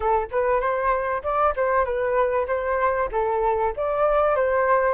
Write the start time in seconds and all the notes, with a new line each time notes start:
0.00 A4
0.31 B4
0.60 C5
1.23 D5
1.55 C5
1.84 B4
2.47 C5
3.11 A4
3.76 D5
4.35 C5